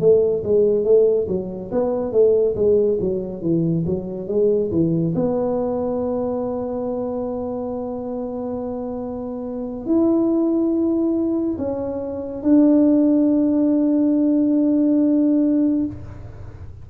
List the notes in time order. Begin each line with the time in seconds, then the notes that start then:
0.00 A3
0.44 G#3
0.85 A3
1.28 F#3
1.72 B3
2.13 A3
2.56 G#3
3.01 F#3
3.42 E3
3.86 F#3
4.28 G#3
4.71 E3
5.15 B3
9.86 E4
11.58 C#4
12.43 D4